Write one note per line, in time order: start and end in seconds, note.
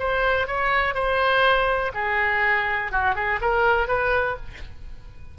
0.00 0.48 C5
0.48 0.95 C#5
0.95 1.93 C5
1.95 2.92 G#4
2.92 3.16 F#4
3.16 3.40 G#4
3.42 3.88 A#4
3.88 4.37 B4